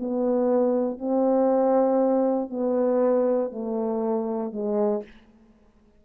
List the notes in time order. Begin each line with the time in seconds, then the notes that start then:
0.00 B3
0.99 C4
2.51 B3
3.52 A3
4.53 G#3